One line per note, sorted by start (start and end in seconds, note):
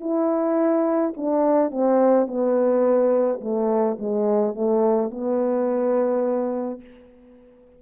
0.00 1.13 E4
1.16 1.71 D4
1.71 2.27 C4
2.27 3.40 B3
3.41 3.98 A3
3.99 4.54 G#3
4.54 5.11 A3
5.11 6.81 B3